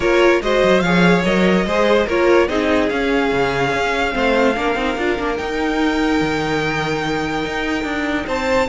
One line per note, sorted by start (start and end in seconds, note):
0.00 0.40 A#3
0.00 0.42 F4
0.00 0.41 A#4
0.00 0.41 C#5
0.41 0.62 G#3
0.41 0.84 F#4
0.41 0.83 C5
0.41 0.80 D#5
0.63 0.81 F#3
0.80 1.23 F3
0.80 1.25 G#4
0.80 1.66 C#5
0.80 1.21 F5
1.24 1.65 F#3
1.24 1.66 A#4
1.24 2.07 D#5
1.65 2.07 G#3
1.65 2.07 G#4
1.65 2.06 C5
2.06 2.48 A#3
2.06 2.48 F4
2.06 2.47 A#4
2.06 2.48 C#5
2.48 2.90 C4
2.48 2.89 D#4
2.48 4.14 G#4
2.48 2.89 D#5
2.89 3.31 C#4
2.89 4.11 C#4
2.89 5.36 F5
3.32 3.73 C#3
3.73 4.14 C#4
4.11 4.56 A3
4.11 4.52 C4
4.11 4.56 C5
4.55 4.75 A#3
4.55 4.76 D4
4.55 8.26 A#4
4.75 4.95 C4
4.75 4.97 D#4
4.97 5.18 D4
4.97 5.18 F4
5.18 5.39 A#3
5.18 5.37 D4
5.36 8.68 D#4
5.36 6.21 D#4
5.36 8.26 G5
6.21 7.45 D#3
7.45 7.84 D#4
7.84 8.25 D4
8.26 8.68 C4
8.26 8.67 C5
8.26 8.69 A5